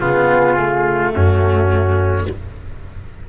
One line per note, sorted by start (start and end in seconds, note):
0.00 1.13 C#3
0.00 0.57 B3
0.00 1.13 F4
0.00 1.11 G#4
0.57 2.26 A3
1.11 2.28 F#2
1.11 2.28 C#4
1.11 2.24 F#4